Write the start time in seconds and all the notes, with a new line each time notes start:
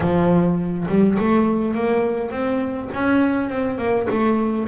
0.00 F3
0.88 G3
1.19 A3
1.74 A#3
2.30 C4
2.94 C#4
3.49 C4
3.78 A#3
4.09 A3